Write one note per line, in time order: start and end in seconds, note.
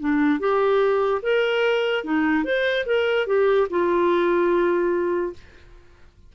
0.00 0.40 D4
0.40 1.22 G4
1.22 2.04 A#4
2.04 2.44 D#4
2.44 2.85 C5
2.86 3.27 A#4
3.27 3.68 G4
3.70 5.33 F4